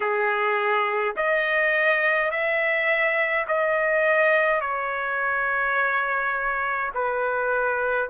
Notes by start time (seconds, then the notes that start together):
0.00 G#4
1.16 D#5
2.30 E5
3.47 D#5
4.60 C#5
6.94 B4